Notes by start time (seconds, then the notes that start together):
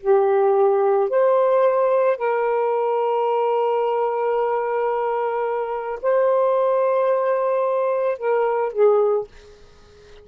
0.00 G4
1.10 C5
2.17 A#4
6.02 C5
8.18 A#4
8.73 G#4